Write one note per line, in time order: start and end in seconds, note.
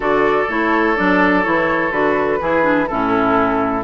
0.00 0.44 D3
0.00 0.48 F#4
0.00 2.39 A4
0.00 0.49 D5
0.48 0.96 A3
0.48 0.96 E4
0.48 0.96 C#5
0.96 1.46 F#3
0.96 1.43 D4
0.96 1.44 D5
1.43 1.91 E3
1.43 1.91 E4
1.43 1.92 C#5
1.91 2.39 D3
1.91 2.39 F#4
1.91 2.87 B4
2.40 2.89 E3
2.40 2.62 E4
2.40 2.88 G#4
2.62 2.86 D4
2.87 3.84 A2
2.87 3.84 C#4
2.87 3.84 E4
2.87 3.83 A4